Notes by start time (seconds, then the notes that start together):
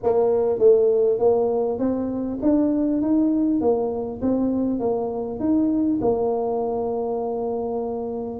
0.02 A#3
0.58 A3
1.18 A#3
1.78 C4
2.42 D4
3.01 D#4
3.60 A#3
4.21 C4
4.79 A#3
5.39 D#4
6.01 A#3